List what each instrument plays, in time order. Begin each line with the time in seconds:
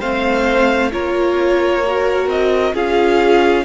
0.00 cello A3, viola C4, violin C5 F5
0.92 cello A#3, viola F4, violin A#4 C#5
1.87 viola F#4
2.27 cello C4, violin D#5
2.74 cello C#4, viola F4, violin G#4 F5